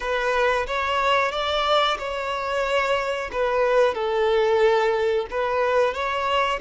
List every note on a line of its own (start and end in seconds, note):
0.00 0.66 B4
0.66 1.31 C#5
1.31 1.97 D5
1.98 3.30 C#5
3.31 3.94 B4
3.94 5.26 A4
5.30 5.93 B4
5.93 6.59 C#5